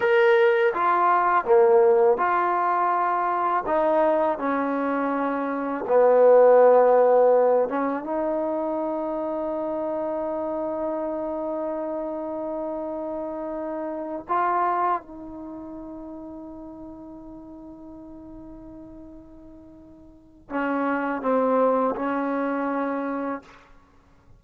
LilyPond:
\new Staff \with { instrumentName = "trombone" } { \time 4/4 \tempo 4 = 82 ais'4 f'4 ais4 f'4~ | f'4 dis'4 cis'2 | b2~ b8 cis'8 dis'4~ | dis'1~ |
dis'2.~ dis'8 f'8~ | f'8 dis'2.~ dis'8~ | dis'1 | cis'4 c'4 cis'2 | }